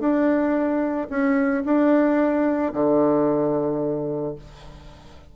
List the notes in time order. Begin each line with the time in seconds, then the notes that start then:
0.00 D4
1.10 C#4
1.65 D4
2.74 D3